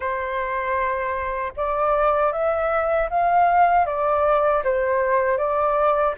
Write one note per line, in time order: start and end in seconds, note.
0.00 1.52 C5
1.56 2.32 D5
2.32 3.09 E5
3.10 3.86 F5
3.86 4.63 D5
4.64 5.37 C5
5.37 6.14 D5